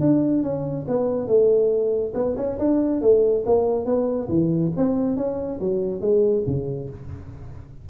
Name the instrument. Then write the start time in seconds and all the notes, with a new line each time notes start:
tuba
0.00 D4
0.42 C#4
0.88 B3
1.27 A3
2.14 B3
2.36 C#4
2.58 D4
3.01 A3
3.46 A#3
3.85 B3
4.28 E3
4.76 C4
5.16 C#4
5.59 F#3
6.01 G#3
6.46 C#3